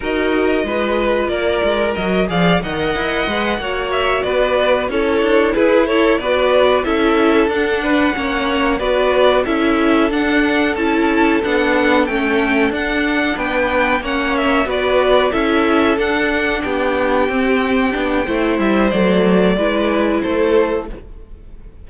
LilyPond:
<<
  \new Staff \with { instrumentName = "violin" } { \time 4/4 \tempo 4 = 92 dis''2 d''4 dis''8 f''8 | fis''2 e''8 d''4 cis''8~ | cis''8 b'8 cis''8 d''4 e''4 fis''8~ | fis''4. d''4 e''4 fis''8~ |
fis''8 a''4 fis''4 g''4 fis''8~ | fis''8 g''4 fis''8 e''8 d''4 e''8~ | e''8 fis''4 g''2~ g''8~ | g''8 e''8 d''2 c''4 | }
  \new Staff \with { instrumentName = "violin" } { \time 4/4 ais'4 b'4 ais'4. d''8 | dis''4. cis''4 b'4 a'8~ | a'8 gis'8 a'8 b'4 a'4. | b'8 cis''4 b'4 a'4.~ |
a'1~ | a'8 b'4 cis''4 b'4 a'8~ | a'4. g'2~ g'8 | c''2 b'4 a'4 | }
  \new Staff \with { instrumentName = "viola" } { \time 4/4 fis'4 f'2 fis'8 gis'8 | ais'4 b'8 fis'2 e'8~ | e'4. fis'4 e'4 d'8~ | d'8 cis'4 fis'4 e'4 d'8~ |
d'8 e'4 d'4 cis'4 d'8~ | d'4. cis'4 fis'4 e'8~ | e'8 d'2 c'4 d'8 | e'4 a4 e'2 | }
  \new Staff \with { instrumentName = "cello" } { \time 4/4 dis'4 gis4 ais8 gis8 fis8 f8 | dis8 e'8 gis8 ais4 b4 cis'8 | d'8 e'4 b4 cis'4 d'8~ | d'8 ais4 b4 cis'4 d'8~ |
d'8 cis'4 b4 a4 d'8~ | d'8 b4 ais4 b4 cis'8~ | cis'8 d'4 b4 c'4 b8 | a8 g8 fis4 gis4 a4 | }
>>